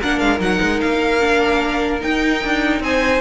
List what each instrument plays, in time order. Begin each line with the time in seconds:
0.00 cello A#3, viola D4, violin A#4 F#5
0.19 cello G#3, violin F5
0.38 cello F#3, viola D#4, violin F#5
0.61 cello G#3
0.80 cello A#3, violin F5
1.20 viola D4
2.01 viola D#4, cello D#4, violin G5
2.44 cello D4
2.80 cello C4, violin C5 G#5